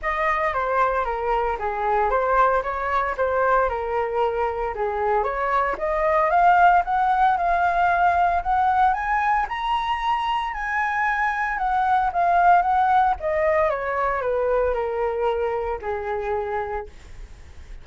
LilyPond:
\new Staff \with { instrumentName = "flute" } { \time 4/4 \tempo 4 = 114 dis''4 c''4 ais'4 gis'4 | c''4 cis''4 c''4 ais'4~ | ais'4 gis'4 cis''4 dis''4 | f''4 fis''4 f''2 |
fis''4 gis''4 ais''2 | gis''2 fis''4 f''4 | fis''4 dis''4 cis''4 b'4 | ais'2 gis'2 | }